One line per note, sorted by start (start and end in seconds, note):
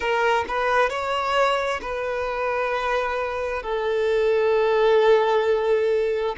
0.00 0.45 A#4
0.48 0.89 B4
0.89 1.80 C#5
1.81 3.62 B4
3.62 6.35 A4